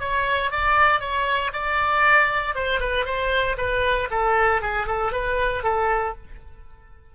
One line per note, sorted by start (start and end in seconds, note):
0.00 0.51 C#5
0.51 1.00 D5
1.00 1.52 C#5
1.53 2.55 D5
2.55 2.80 C5
2.80 3.06 B4
3.06 3.57 C5
3.58 4.09 B4
4.11 4.62 A4
4.62 4.87 G#4
4.87 5.12 A4
5.12 5.64 B4
5.64 6.15 A4